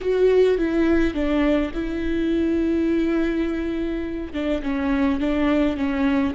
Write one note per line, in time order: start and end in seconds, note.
0.01 0.58 F#4
0.58 1.14 E4
1.14 1.72 D4
1.73 4.33 E4
4.33 4.62 D4
4.62 5.19 C#4
5.19 5.76 D4
5.76 6.34 C#4